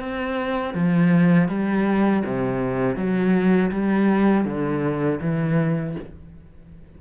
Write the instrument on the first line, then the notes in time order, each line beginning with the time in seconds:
cello
0.00 C4
0.74 F3
1.49 G3
2.26 C3
2.96 F#3
3.72 G3
4.45 D3
5.21 E3